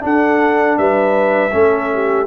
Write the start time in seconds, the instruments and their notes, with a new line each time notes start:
0.00 trombone D4, tuba D4, horn A4, trumpet F#5
0.78 tuba G3, horn B4, trumpet E5
1.51 tuba A3, trombone C#4, horn A4
1.93 horn G4